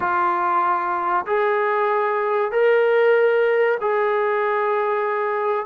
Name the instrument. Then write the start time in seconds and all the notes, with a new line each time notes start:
trombone
0.00 F4
1.26 G#4
2.51 A#4
3.80 G#4